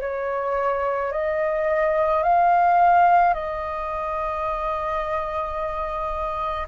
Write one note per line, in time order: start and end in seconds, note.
0.00 1.11 C#5
1.12 2.23 D#5
2.23 3.33 F5
3.33 6.67 D#5